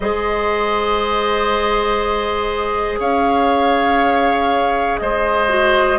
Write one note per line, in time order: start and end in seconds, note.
0.00 2.99 G#3
0.00 5.48 G#4
0.00 2.99 C5
0.00 2.98 D#5
2.99 4.99 C#4
2.99 4.99 C#5
2.99 4.99 F5
4.99 5.99 G#3
4.99 5.99 C5
4.99 5.99 D#5
5.48 5.98 F#4